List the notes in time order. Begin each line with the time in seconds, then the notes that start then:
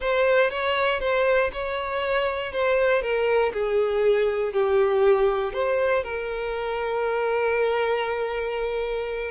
0.00 C5
0.50 C#5
1.00 C5
1.52 C#5
2.52 C5
3.01 A#4
3.53 G#4
4.52 G4
5.53 C5
6.03 A#4